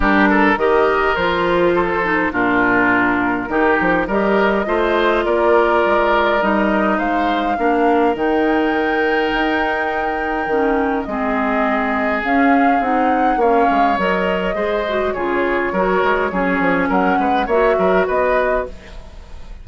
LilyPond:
<<
  \new Staff \with { instrumentName = "flute" } { \time 4/4 \tempo 4 = 103 ais'4 dis''4 c''2 | ais'2. dis''4~ | dis''4 d''2 dis''4 | f''2 g''2~ |
g''2. dis''4~ | dis''4 f''4 fis''4 f''4 | dis''2 cis''2~ | cis''4 fis''4 e''4 dis''4 | }
  \new Staff \with { instrumentName = "oboe" } { \time 4/4 g'8 a'8 ais'2 a'4 | f'2 g'4 ais'4 | c''4 ais'2. | c''4 ais'2.~ |
ais'2. gis'4~ | gis'2. cis''4~ | cis''4 c''4 gis'4 ais'4 | gis'4 ais'8 b'8 cis''8 ais'8 b'4 | }
  \new Staff \with { instrumentName = "clarinet" } { \time 4/4 d'4 g'4 f'4. dis'8 | d'2 dis'4 g'4 | f'2. dis'4~ | dis'4 d'4 dis'2~ |
dis'2 cis'4 c'4~ | c'4 cis'4 dis'4 cis'4 | ais'4 gis'8 fis'8 f'4 fis'4 | cis'2 fis'2 | }
  \new Staff \with { instrumentName = "bassoon" } { \time 4/4 g4 dis4 f2 | ais,2 dis8 f8 g4 | a4 ais4 gis4 g4 | gis4 ais4 dis2 |
dis'2 dis4 gis4~ | gis4 cis'4 c'4 ais8 gis8 | fis4 gis4 cis4 fis8 gis8 | fis8 f8 fis8 gis8 ais8 fis8 b4 | }
>>